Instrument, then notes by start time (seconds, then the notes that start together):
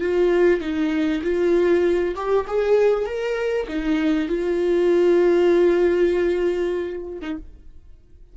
viola
0.00 F4
0.60 D#4
1.22 F4
2.15 G4
2.47 G#4
3.05 A#4
3.68 D#4
4.28 F4
7.21 D#4